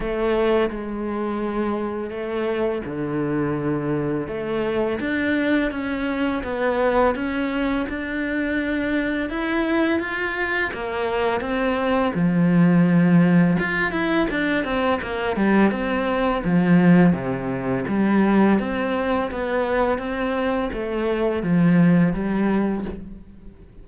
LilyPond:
\new Staff \with { instrumentName = "cello" } { \time 4/4 \tempo 4 = 84 a4 gis2 a4 | d2 a4 d'4 | cis'4 b4 cis'4 d'4~ | d'4 e'4 f'4 ais4 |
c'4 f2 f'8 e'8 | d'8 c'8 ais8 g8 c'4 f4 | c4 g4 c'4 b4 | c'4 a4 f4 g4 | }